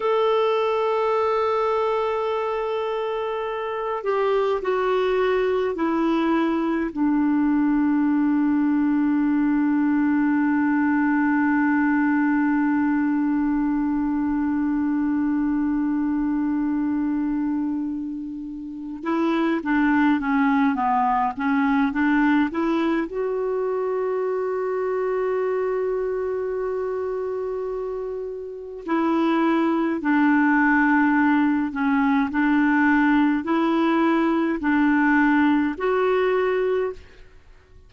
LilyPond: \new Staff \with { instrumentName = "clarinet" } { \time 4/4 \tempo 4 = 52 a'2.~ a'8 g'8 | fis'4 e'4 d'2~ | d'1~ | d'1~ |
d'8 e'8 d'8 cis'8 b8 cis'8 d'8 e'8 | fis'1~ | fis'4 e'4 d'4. cis'8 | d'4 e'4 d'4 fis'4 | }